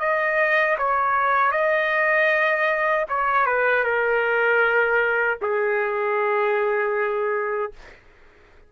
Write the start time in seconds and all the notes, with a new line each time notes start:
0.00 D#5
0.78 C#5
1.52 D#5
3.09 C#5
3.46 B4
3.84 A#4
5.42 G#4